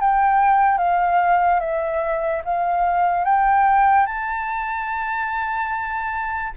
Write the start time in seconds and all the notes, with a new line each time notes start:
0.00 G5
0.78 F5
1.60 E5
2.45 F5
3.25 G5
4.06 A5